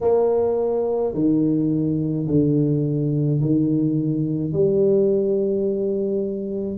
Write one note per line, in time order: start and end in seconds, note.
0.00 1.13 A#3
1.14 2.26 D#3
2.26 3.40 D3
3.40 4.53 D#3
4.53 6.78 G3